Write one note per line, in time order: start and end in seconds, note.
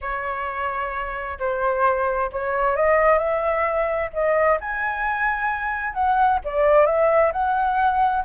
0.01 1.38 C#5
1.39 2.30 C5
2.32 2.75 C#5
2.75 3.18 D#5
3.18 4.10 E5
4.13 4.58 D#5
4.60 5.93 G#5
5.93 6.39 F#5
6.44 6.86 D5
6.86 7.32 E5
7.32 8.24 F#5